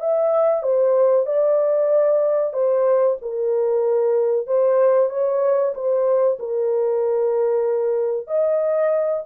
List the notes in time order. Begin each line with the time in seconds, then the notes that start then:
0.00 E5
0.63 C5
1.26 D5
2.53 C5
3.21 A#4
4.47 C5
5.10 C#5
5.74 C5
6.39 A#4
8.27 D#5